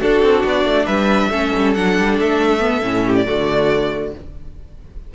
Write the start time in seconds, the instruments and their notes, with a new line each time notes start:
0.00 cello D4, viola D4, violin F#4 A4
0.22 cello C4
0.45 cello B3, violin D5
0.65 cello A3
0.86 cello G3, violin B4 E5
1.29 cello A3, viola C#4, violin A4
1.56 cello G3
1.74 cello F#3, viola D4, violin F#5
1.98 cello G3
2.20 cello A3, violin E5
2.60 viola B3
2.82 cello A2, viola C#4
3.06 violin G4
3.16 violin D5
3.26 cello D3, viola A3, violin F#4